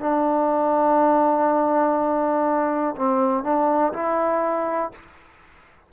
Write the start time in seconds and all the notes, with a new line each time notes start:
0.00 D4
2.95 C4
3.43 D4
3.93 E4